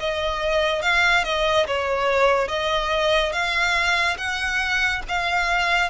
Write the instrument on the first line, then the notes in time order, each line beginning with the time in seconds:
violin
0.00 D#5
0.82 F5
1.24 D#5
1.67 C#5
2.48 D#5
3.32 F5
4.18 F#5
5.09 F5